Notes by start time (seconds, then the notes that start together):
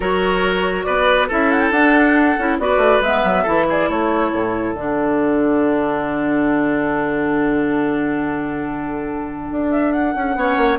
0.00 F#3 F#4 A#4 C#5
0.83 B3 B4 D5
1.28 C#4 E4 A4 E5
1.51 F#5
1.60 G5
1.71 D4 F#5
2.38 C#4 E4
2.58 B3 F#4 B4 D5
2.77 A3
3.00 G#3 B3 E5
3.23 F#3
3.43 E3 E4 A4
3.69 G#4 D5
3.88 A3 A4 C#5
4.32 A2
4.74 D3 D4 F#5
9.51 D4
9.71 E5
9.92 F#5
10.15 C#4
10.35 B3 C#4 C#5
10.56 A#3